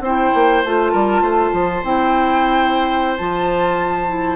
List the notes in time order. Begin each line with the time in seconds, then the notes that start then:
0.00 C4 E4 C5 G5
0.34 A#3
0.64 A3 F4 A5
0.92 G3 A#4
1.21 A3 C5
1.52 F3
1.83 C4 E4 G5
3.17 F3 F4 A5
4.07 E4